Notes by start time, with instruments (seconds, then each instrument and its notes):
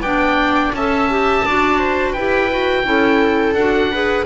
0.00 double bass B3, clarinet D4, viola D5, oboe G5
0.72 double bass C#4, clarinet A4, viola E5, oboe A5
1.10 clarinet G4
1.45 double bass D4, clarinet F#4, viola D5
1.78 viola C5
2.13 double bass E4, clarinet G4, viola B4, oboe G5
2.50 clarinet F#4
2.84 double bass C#4, clarinet E4, viola A4
3.53 double bass D4, clarinet F#4, oboe F#5
3.91 clarinet G#4, viola B4